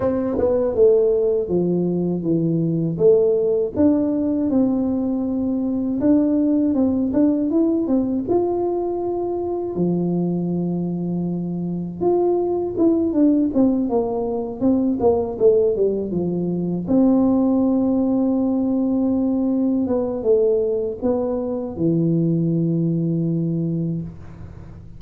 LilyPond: \new Staff \with { instrumentName = "tuba" } { \time 4/4 \tempo 4 = 80 c'8 b8 a4 f4 e4 | a4 d'4 c'2 | d'4 c'8 d'8 e'8 c'8 f'4~ | f'4 f2. |
f'4 e'8 d'8 c'8 ais4 c'8 | ais8 a8 g8 f4 c'4.~ | c'2~ c'8 b8 a4 | b4 e2. | }